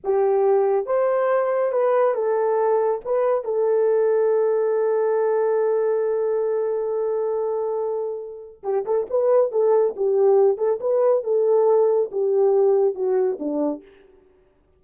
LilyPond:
\new Staff \with { instrumentName = "horn" } { \time 4/4 \tempo 4 = 139 g'2 c''2 | b'4 a'2 b'4 | a'1~ | a'1~ |
a'1 | g'8 a'8 b'4 a'4 g'4~ | g'8 a'8 b'4 a'2 | g'2 fis'4 d'4 | }